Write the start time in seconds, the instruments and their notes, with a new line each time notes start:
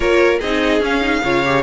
0.00 cello A#3, viola F4, violin A#4 C#5
0.39 cello C4, viola D#4, violin G#4 D#5
0.80 cello C#4, viola C#4, violin F5
1.01 viola D#4
1.23 cello C#3, viola F4, violin C#5
1.44 viola G4